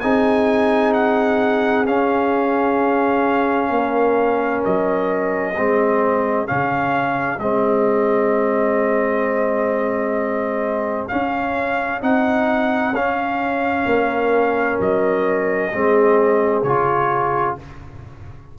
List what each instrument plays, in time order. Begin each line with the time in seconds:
0.00 tuba C4, trombone D#4, horn G#4, trumpet G#5
0.93 trumpet F#5
1.85 trombone C#4, tuba C#4, trumpet F5
3.70 tuba A#3, horn A#4
4.64 tuba F#3, trumpet D#5
5.55 tuba G#3, trombone C4, horn G#4
6.46 tuba C#3, trombone C#4, trumpet F5
7.39 tuba G#3, trombone C4, trumpet D#5
11.08 trombone C#4, tuba C#4, trumpet F5
12.01 tuba C4, trombone D#4, trumpet F#5
12.92 tuba C#4, trombone C#4, trumpet F5
13.85 tuba A#3, horn A#4
14.80 tuba F#3, trumpet D#5
15.73 tuba G#3, trombone C4, horn G#4
16.63 tuba C#3, trombone F4, trumpet C#5